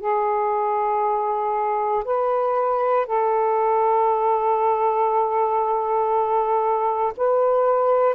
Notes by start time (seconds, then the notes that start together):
0.00 G#4
2.04 B4
3.06 A4
7.16 B4